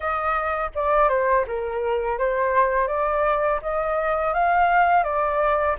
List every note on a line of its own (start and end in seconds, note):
0.00 0.70 D#5
0.75 1.08 D5
1.08 1.45 C5
1.47 2.18 A#4
2.18 2.87 C5
2.87 3.59 D5
3.61 4.33 D#5
4.33 5.03 F5
5.03 5.76 D5